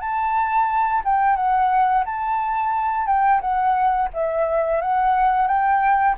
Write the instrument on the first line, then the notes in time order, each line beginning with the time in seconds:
flute
0.00 A5
1.04 G5
1.36 F#5
2.05 A5
3.07 G5
3.41 F#5
4.13 E5
4.81 F#5
5.47 G5